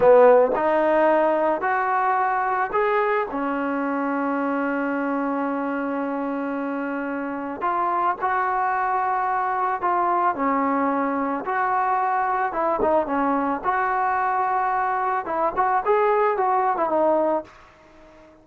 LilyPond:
\new Staff \with { instrumentName = "trombone" } { \time 4/4 \tempo 4 = 110 b4 dis'2 fis'4~ | fis'4 gis'4 cis'2~ | cis'1~ | cis'2 f'4 fis'4~ |
fis'2 f'4 cis'4~ | cis'4 fis'2 e'8 dis'8 | cis'4 fis'2. | e'8 fis'8 gis'4 fis'8. e'16 dis'4 | }